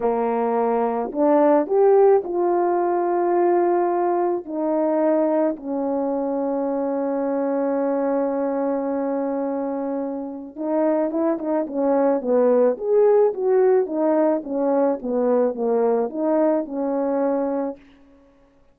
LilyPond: \new Staff \with { instrumentName = "horn" } { \time 4/4 \tempo 4 = 108 ais2 d'4 g'4 | f'1 | dis'2 cis'2~ | cis'1~ |
cis'2. dis'4 | e'8 dis'8 cis'4 b4 gis'4 | fis'4 dis'4 cis'4 b4 | ais4 dis'4 cis'2 | }